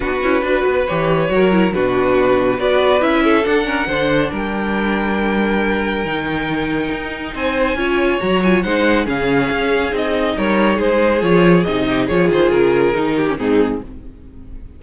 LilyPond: <<
  \new Staff \with { instrumentName = "violin" } { \time 4/4 \tempo 4 = 139 b'2 cis''2 | b'2 d''4 e''4 | fis''2 g''2~ | g''1~ |
g''4 gis''2 ais''8 gis''8 | fis''4 f''2 dis''4 | cis''4 c''4 cis''4 dis''4 | cis''8 c''8 ais'2 gis'4 | }
  \new Staff \with { instrumentName = "violin" } { \time 4/4 fis'4 b'2 ais'4 | fis'2 b'4. a'8~ | a'8 ais'8 c''4 ais'2~ | ais'1~ |
ais'4 c''4 cis''2 | c''4 gis'2. | ais'4 gis'2~ gis'8 g'8 | gis'2~ gis'8 g'8 dis'4 | }
  \new Staff \with { instrumentName = "viola" } { \time 4/4 d'8 e'8 fis'4 g'4 fis'8 e'8 | d'2 fis'4 e'4 | d'8 cis'8 d'2.~ | d'2 dis'2~ |
dis'2 f'4 fis'8 f'8 | dis'4 cis'2 dis'4~ | dis'2 f'4 dis'4 | f'2 dis'8. cis'16 c'4 | }
  \new Staff \with { instrumentName = "cello" } { \time 4/4 b8 cis'8 d'8 b8 e4 fis4 | b,2 b4 cis'4 | d'4 d4 g2~ | g2 dis2 |
dis'4 c'4 cis'4 fis4 | gis4 cis4 cis'4 c'4 | g4 gis4 f4 c4 | f8 dis8 cis4 dis4 gis,4 | }
>>